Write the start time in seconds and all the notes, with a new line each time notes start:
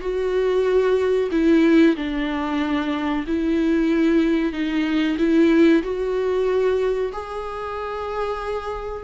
0.00 F#4
1.31 E4
1.96 D4
3.27 E4
4.52 D#4
5.18 E4
5.83 F#4
7.13 G#4